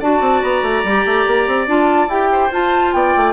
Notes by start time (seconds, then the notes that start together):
0.00 D4 F#4 D5 A5
0.21 C4
0.42 B3 A#5
0.62 A3
0.84 G3 G4
1.05 A3
1.27 A#3
1.47 C4
1.67 D4 F4 A5
2.08 E4 G4 G5
2.32 C5
2.51 F4 A5
2.93 B3 D5 G5
3.16 A3